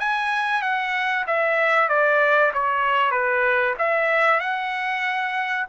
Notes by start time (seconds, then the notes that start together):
0.00 G#5
0.62 F#5
1.27 E5
1.89 D5
2.54 C#5
3.11 B4
3.79 E5
4.40 F#5